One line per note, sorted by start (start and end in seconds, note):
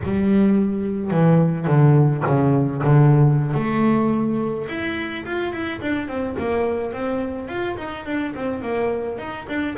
0.03 1.10 G3
1.10 1.67 E3
1.67 2.23 D3
2.26 2.82 C#3
2.83 3.54 D3
3.54 4.67 A3
4.67 5.24 E4
5.25 5.52 F4
5.52 5.80 E4
5.81 6.07 D4
6.07 6.36 C4
6.38 6.92 A#3
6.92 7.48 C4
7.48 7.76 F4
7.77 8.05 D#4
8.05 8.33 D4
8.35 8.62 C4
8.62 9.18 A#3
9.18 9.46 D#4
9.48 9.76 D4